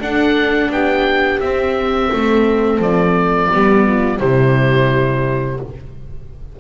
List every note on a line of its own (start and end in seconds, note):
0.00 0.70 D4
0.00 1.41 D4
0.00 0.70 A4
0.00 0.72 F#5
0.70 1.40 B3
0.70 2.13 G4
0.70 1.41 G5
1.41 2.11 C4
1.41 3.52 C4
1.41 2.80 E5
2.13 2.79 A3
2.13 3.53 A4
2.79 3.49 F3
2.79 4.20 D5
3.52 4.20 G3
3.52 4.19 B3
3.52 3.86 G4
3.86 4.19 F4
4.19 5.60 C3
4.19 5.59 G3
4.19 5.58 E4
4.19 5.59 C5